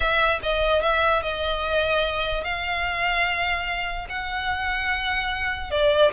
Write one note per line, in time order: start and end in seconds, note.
0.00 0.39 E5
0.42 0.81 D#5
0.81 1.22 E5
1.22 2.44 D#5
2.44 4.07 F5
4.09 5.71 F#5
5.71 6.11 D5